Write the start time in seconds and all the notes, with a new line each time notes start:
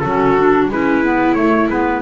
0.00 F#3 F#4 A4
0.06 C#4
0.38 D4
0.69 G#3 C#4 E4 B4
1.04 B3
1.34 A3 C#5
1.69 G#3 B3 B4